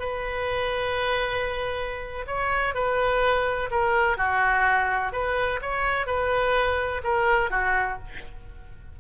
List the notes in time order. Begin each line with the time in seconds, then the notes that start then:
0.00 B4
2.27 C#5
2.75 B4
3.71 A#4
4.18 F#4
5.13 B4
5.62 C#5
6.07 B4
7.04 A#4
7.51 F#4